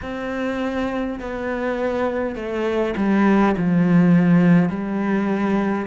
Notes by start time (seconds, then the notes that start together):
0.02 C4
1.20 B3
2.35 A3
2.97 G3
3.57 F3
4.69 G3